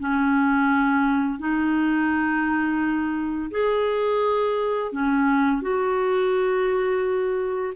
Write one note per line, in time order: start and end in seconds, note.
0.00 1.39 C#4
1.39 3.51 D#4
3.51 4.93 G#4
4.93 5.62 C#4
5.62 7.74 F#4